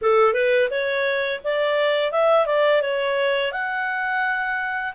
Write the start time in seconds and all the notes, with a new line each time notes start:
0.01 A4
0.33 B4
0.70 C#5
1.44 D5
2.11 E5
2.46 D5
2.81 C#5
3.52 F#5